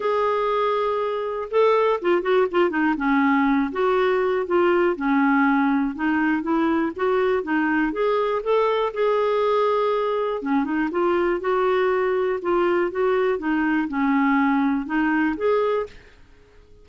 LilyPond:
\new Staff \with { instrumentName = "clarinet" } { \time 4/4 \tempo 4 = 121 gis'2. a'4 | f'8 fis'8 f'8 dis'8 cis'4. fis'8~ | fis'4 f'4 cis'2 | dis'4 e'4 fis'4 dis'4 |
gis'4 a'4 gis'2~ | gis'4 cis'8 dis'8 f'4 fis'4~ | fis'4 f'4 fis'4 dis'4 | cis'2 dis'4 gis'4 | }